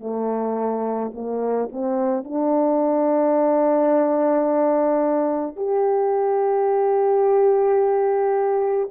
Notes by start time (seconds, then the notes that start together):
0.00 A3
1.14 A#3
1.72 C4
2.24 D4
5.56 G4